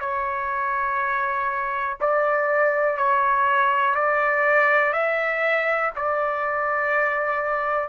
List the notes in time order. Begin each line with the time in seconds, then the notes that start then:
0.00 C#5
2.00 D5
2.97 C#5
3.95 D5
4.93 E5
5.96 D5